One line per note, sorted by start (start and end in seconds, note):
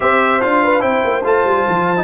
0.00 0.42 C4
0.00 0.41 G4
0.00 0.63 C5
0.00 0.41 E5
0.41 0.82 D4
0.41 0.80 F4
0.41 0.81 F5
0.63 0.80 B4
0.80 1.03 C4
0.80 1.21 E4
0.80 2.03 C5
0.80 1.23 G5
1.04 1.23 A#3
1.23 1.44 A3
1.23 1.96 F4
1.23 2.03 A5
1.44 1.65 G3
1.68 2.03 F3
1.96 2.03 D#4